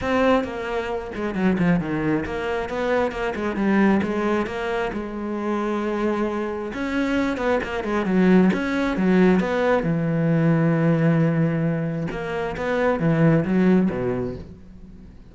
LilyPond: \new Staff \with { instrumentName = "cello" } { \time 4/4 \tempo 4 = 134 c'4 ais4. gis8 fis8 f8 | dis4 ais4 b4 ais8 gis8 | g4 gis4 ais4 gis4~ | gis2. cis'4~ |
cis'8 b8 ais8 gis8 fis4 cis'4 | fis4 b4 e2~ | e2. ais4 | b4 e4 fis4 b,4 | }